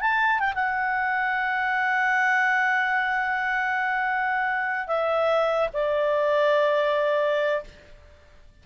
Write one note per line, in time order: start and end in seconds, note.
0.00 0.39 A5
0.39 0.53 G5
0.55 4.87 F#5
4.87 5.69 E5
5.73 7.64 D5